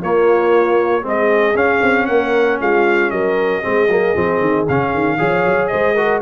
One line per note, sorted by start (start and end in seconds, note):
0.00 1.04 A#3
0.00 1.02 A#3
0.00 1.02 F4
0.00 1.06 C#5
1.02 1.54 G#3
1.02 1.53 C4
1.02 2.05 G#4
1.08 1.56 D#5
1.54 1.80 C#4
1.54 3.61 C#4
1.54 2.06 F5
1.82 2.08 C4
2.06 2.60 A#3
2.06 2.60 A#4
2.06 2.57 F#5
2.60 3.11 G#3
2.60 3.12 F4
2.60 3.10 F5
3.10 3.63 F#3
3.10 3.61 A#4
3.10 4.65 D#5
3.61 3.88 G#3
3.61 3.87 C4
3.61 5.16 G#4
3.88 4.13 F#3
3.88 4.14 A#3
4.14 4.40 F3
4.14 4.66 C4
4.40 4.66 D#3
4.68 4.93 C#3
4.68 5.18 C#4
4.68 5.67 F5
4.93 5.19 D#3
5.18 5.45 F3
5.18 5.95 G#4
5.18 5.70 C#5
5.45 5.70 F#3
5.67 5.94 C5
5.67 6.18 D#5
5.73 6.21 G#3
5.94 6.21 F#4
5.94 6.20 A#4